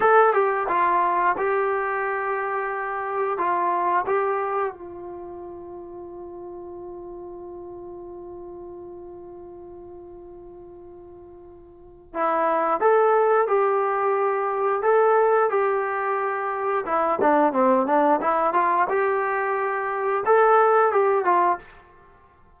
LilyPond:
\new Staff \with { instrumentName = "trombone" } { \time 4/4 \tempo 4 = 89 a'8 g'8 f'4 g'2~ | g'4 f'4 g'4 f'4~ | f'1~ | f'1~ |
f'2 e'4 a'4 | g'2 a'4 g'4~ | g'4 e'8 d'8 c'8 d'8 e'8 f'8 | g'2 a'4 g'8 f'8 | }